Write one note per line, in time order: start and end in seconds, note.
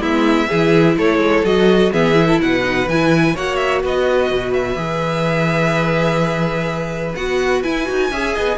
0.00 0.48 G#3
0.00 0.49 B3
0.00 0.48 E4
0.00 0.98 E5
0.48 0.98 E3
0.48 1.46 E4
0.48 0.96 G#4
0.98 1.18 A3
0.98 1.93 A4
0.98 1.45 C#5
1.18 1.42 G#3
1.44 1.92 F#3
1.44 1.93 F#4
1.44 1.93 D#5
1.93 2.41 E3
1.93 2.14 B3
1.93 2.28 G#4
1.93 2.41 E5
2.14 2.61 E4
2.28 2.40 A4
2.42 2.87 B2
2.42 3.35 B4
2.42 2.89 F#5
2.63 2.87 D#4
2.87 3.34 E3
2.87 3.37 G#5
2.93 3.37 E4
3.35 3.84 A#3
3.35 4.77 F#4
3.35 3.83 C#5
3.35 3.56 F#5
3.56 3.80 E5
3.83 4.31 B3
3.83 8.11 B4
3.83 4.53 D#5
4.31 4.76 B2
4.53 7.15 E5
4.76 7.14 E3
4.76 7.15 G#4
7.15 7.64 B3
7.15 7.64 F#4
7.15 7.63 F#5
7.63 7.86 E4
7.63 7.89 E4
7.63 8.58 G#5
7.86 8.11 D#4
7.86 8.09 F#4
8.11 8.35 C#4
8.11 8.58 G#4
8.11 8.35 E5
8.35 8.58 B3
8.35 8.58 D#5